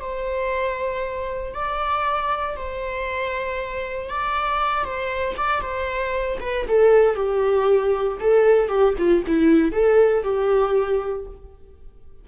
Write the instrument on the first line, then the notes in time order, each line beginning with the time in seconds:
viola
0.00 C5
1.54 D5
2.56 C5
4.10 D5
4.84 C5
5.37 D5
5.61 C5
6.40 B4
6.68 A4
7.15 G4
8.20 A4
8.68 G4
8.98 F4
9.27 E4
9.72 A4
10.23 G4